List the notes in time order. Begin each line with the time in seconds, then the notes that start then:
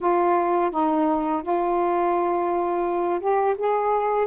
0.01 F4
0.70 D#4
1.42 F4
3.20 G4
3.57 G#4